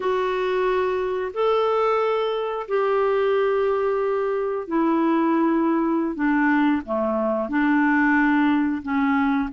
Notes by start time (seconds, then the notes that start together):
0.00 F#4
1.33 A4
2.68 G4
4.67 E4
6.15 D4
6.85 A3
7.48 D4
8.82 C#4